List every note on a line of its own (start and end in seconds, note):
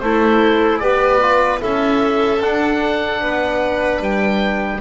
0.00 0.82 A3
0.00 0.83 E4
0.00 0.82 A4
0.00 0.79 C5
0.79 1.62 B3
0.79 1.22 G4
0.79 1.62 B4
0.79 1.59 D5
1.22 1.59 F4
1.59 2.41 C#4
1.59 2.39 E4
1.59 3.22 A4
1.59 2.43 E5
2.41 3.21 D4
2.41 4.81 D4
2.41 4.03 F#5
3.21 4.00 B3
3.21 4.81 B4
4.00 4.80 G3
4.00 4.81 G5